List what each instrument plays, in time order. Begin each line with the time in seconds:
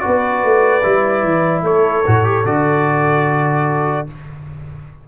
0.00 trombone F#4, horn B4, trumpet D5
0.07 tuba B3
0.44 tuba A3
0.83 tuba G3, trombone E4
1.23 tuba E3
1.63 tuba A3, horn A4, trumpet C#5
2.06 tuba A2, trombone F#4
2.24 trombone G4
2.45 tuba D3, trombone F#4, trumpet D5